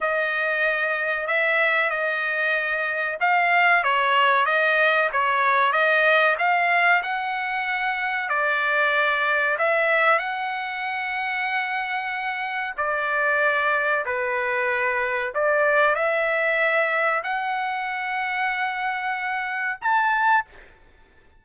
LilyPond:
\new Staff \with { instrumentName = "trumpet" } { \time 4/4 \tempo 4 = 94 dis''2 e''4 dis''4~ | dis''4 f''4 cis''4 dis''4 | cis''4 dis''4 f''4 fis''4~ | fis''4 d''2 e''4 |
fis''1 | d''2 b'2 | d''4 e''2 fis''4~ | fis''2. a''4 | }